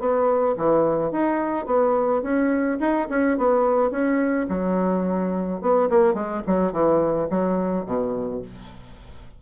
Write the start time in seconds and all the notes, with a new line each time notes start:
0.00 B3
0.58 E3
1.12 D#4
1.66 B3
2.23 C#4
2.80 D#4
3.10 C#4
3.38 B3
3.91 C#4
4.49 F#3
5.62 B3
5.90 A#3
6.14 G#3
6.47 F#3
6.73 E3
7.30 F#3
7.86 B2